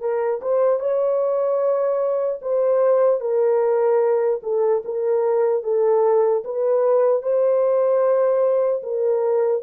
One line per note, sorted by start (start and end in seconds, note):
0.00 0.40 A#4
0.41 0.80 C5
0.80 2.40 C#5
2.41 3.20 C5
3.20 4.40 A#4
4.43 4.83 A4
4.85 5.63 A#4
5.63 6.43 A4
6.44 7.22 B4
7.22 8.82 C5
8.83 9.62 A#4